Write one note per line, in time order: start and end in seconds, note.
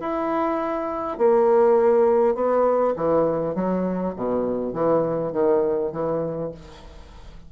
0.00 1.18 E4
1.18 2.35 A#3
2.35 2.94 B3
2.96 3.55 E3
3.55 4.14 F#3
4.16 4.73 B2
4.73 5.32 E3
5.32 5.92 D#3
5.92 6.51 E3